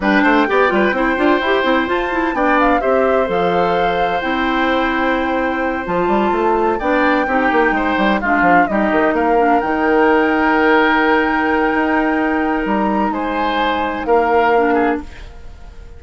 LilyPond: <<
  \new Staff \with { instrumentName = "flute" } { \time 4/4 \tempo 4 = 128 g''1 | a''4 g''8 f''8 e''4 f''4~ | f''4 g''2.~ | g''8 a''2 g''4.~ |
g''4. f''4 dis''4 f''8~ | f''8 g''2.~ g''8~ | g''2. ais''4 | gis''2 f''2 | }
  \new Staff \with { instrumentName = "oboe" } { \time 4/4 b'8 c''8 d''8 b'8 c''2~ | c''4 d''4 c''2~ | c''1~ | c''2~ c''8 d''4 g'8~ |
g'8 c''4 f'4 g'4 ais'8~ | ais'1~ | ais'1 | c''2 ais'4. gis'8 | }
  \new Staff \with { instrumentName = "clarinet" } { \time 4/4 d'4 g'8 f'8 e'8 f'8 g'8 e'8 | f'8 e'8 d'4 g'4 a'4~ | a'4 e'2.~ | e'8 f'2 d'4 dis'8~ |
dis'4. d'4 dis'4. | d'8 dis'2.~ dis'8~ | dis'1~ | dis'2. d'4 | }
  \new Staff \with { instrumentName = "bassoon" } { \time 4/4 g8 a8 b8 g8 c'8 d'8 e'8 c'8 | f'4 b4 c'4 f4~ | f4 c'2.~ | c'8 f8 g8 a4 b4 c'8 |
ais8 gis8 g8 gis8 f8 g8 dis8 ais8~ | ais8 dis2.~ dis8~ | dis4 dis'2 g4 | gis2 ais2 | }
>>